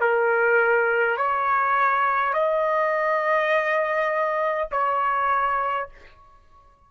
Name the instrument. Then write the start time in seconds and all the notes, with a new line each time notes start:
trumpet
0.00 A#4
1.17 C#5
2.33 D#5
4.71 C#5